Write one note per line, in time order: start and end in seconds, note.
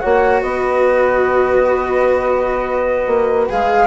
0.00 0.42 A#3
0.00 3.49 F#4
0.00 0.42 C#5
0.00 0.41 F#5
0.42 3.07 B3
0.42 3.87 B4
0.42 3.48 D#5
3.07 3.48 A#3
3.49 3.87 G#3
3.49 3.87 G#4
3.49 3.87 F5